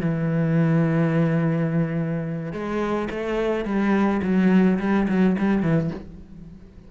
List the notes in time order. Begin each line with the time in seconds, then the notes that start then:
0.00 E3
2.52 G#3
3.10 A3
3.64 G3
4.22 F#3
4.79 G3
5.08 F#3
5.38 G3
5.62 E3